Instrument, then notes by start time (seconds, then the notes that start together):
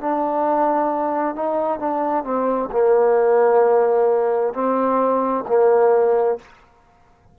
trombone
0.00 D4
1.35 D#4
1.79 D4
2.24 C4
2.72 A#3
4.54 C4
5.48 A#3